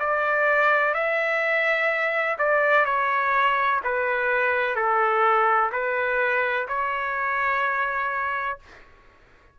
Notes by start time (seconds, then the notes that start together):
0.00 D5
0.94 E5
2.39 D5
2.86 C#5
3.84 B4
4.76 A4
5.72 B4
6.68 C#5